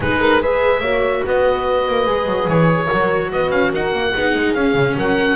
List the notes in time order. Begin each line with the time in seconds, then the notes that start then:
0.00 G#3 D#4 G#4 B4
0.20 A#4
0.40 G#4 B4 E5
0.80 A#3 F#4 C#5
1.25 B3 B4 D#5
1.88 A#3
2.05 G#3 G#4
2.26 F#3
2.47 E3 C#5
2.86 F#3 F#4 A#4
3.31 B3 B4 D#5
3.50 C#4 F5
3.71 D#4 A#4 F#5
3.92 A#3
4.14 B3 D#4 G#4
4.35 G#3
4.54 C#4 F5
4.74 C#3
4.96 F#3 A#4 F#5